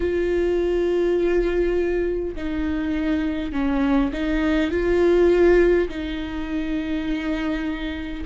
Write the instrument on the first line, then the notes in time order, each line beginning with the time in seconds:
viola
0.00 F4
2.35 D#4
3.52 C#4
4.12 D#4
4.71 F4
5.88 D#4